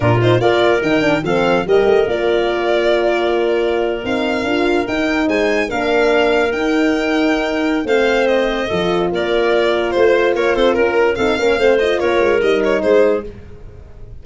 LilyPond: <<
  \new Staff \with { instrumentName = "violin" } { \time 4/4 \tempo 4 = 145 ais'8 c''8 d''4 g''4 f''4 | dis''4 d''2.~ | d''4.~ d''16 f''2 g''16~ | g''8. gis''4 f''2 g''16~ |
g''2. f''4 | dis''2 d''2 | c''4 cis''8 c''8 ais'4 f''4~ | f''8 dis''8 cis''4 dis''8 cis''8 c''4 | }
  \new Staff \with { instrumentName = "clarinet" } { \time 4/4 f'4 ais'2 a'4 | ais'1~ | ais'1~ | ais'8. c''4 ais'2~ ais'16~ |
ais'2. c''4~ | c''4 a'4 ais'2 | c''4 ais'8 a'8 ais'4 a'8 ais'8 | c''4 ais'2 gis'4 | }
  \new Staff \with { instrumentName = "horn" } { \time 4/4 d'8 dis'8 f'4 dis'8 d'8 c'4 | g'4 f'2.~ | f'4.~ f'16 dis'4 f'4 dis'16~ | dis'4.~ dis'16 d'2 dis'16~ |
dis'2. c'4~ | c'4 f'2.~ | f'2. dis'8 cis'8 | c'8 f'4. dis'2 | }
  \new Staff \with { instrumentName = "tuba" } { \time 4/4 ais,4 ais4 dis4 f4 | g8 a8 ais2.~ | ais4.~ ais16 c'4 d'4 dis'16~ | dis'8. gis4 ais2 dis'16~ |
dis'2. a4~ | a4 f4 ais2 | a4 ais8 c'8 cis'4 c'8 ais8 | a4 ais8 gis8 g4 gis4 | }
>>